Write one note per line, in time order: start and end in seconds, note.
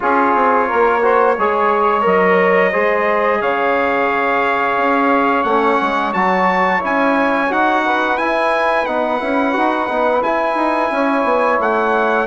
0.00 0.35 C#4
0.00 1.00 F4
0.00 0.67 G#4
0.00 2.06 C#5
0.35 0.69 C4
0.67 1.38 A#3
0.67 1.01 A#4
1.01 1.35 F#4
1.01 1.36 C5
1.37 2.05 G#3
1.37 2.01 G#4
1.37 2.71 C#5
2.01 2.74 F#3
2.01 2.69 A#4
2.01 3.41 D#5
2.71 3.41 G#3
2.71 5.45 G#4
2.71 3.39 C5
3.39 4.77 C#3
3.39 7.83 C#5
3.39 5.43 F5
4.77 5.43 C#4
5.43 5.78 A3
5.43 6.14 C#4
5.43 6.12 F#5
5.81 6.14 G#3
6.13 6.82 F#3
6.13 6.80 F#4
6.13 6.81 A5
6.80 7.51 C#4
6.80 7.48 E4
6.80 7.52 G#5
7.49 8.19 D#4
7.49 8.17 F#4
7.49 8.17 F#5
7.85 10.91 B4
8.17 8.86 E4
8.17 8.85 G#5
8.85 9.20 B3
8.85 9.20 D#4
8.85 10.21 F#5
9.20 9.56 C#4
9.20 9.53 E4
9.53 9.89 D#4
9.53 9.87 F#4
9.88 10.21 B3
9.88 10.22 D#4
10.21 10.55 E4
10.21 12.26 E4
10.21 11.59 G#5
10.55 10.89 D#4
10.91 11.24 C#4
10.91 12.26 C#5
11.24 11.58 B3
11.59 12.26 A3
11.59 12.26 F#5